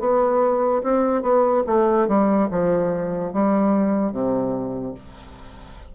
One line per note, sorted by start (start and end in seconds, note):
0.00 0.82 B3
0.83 1.22 C4
1.22 1.63 B3
1.67 2.08 A3
2.08 2.49 G3
2.51 3.33 F3
3.33 4.12 G3
4.12 4.94 C3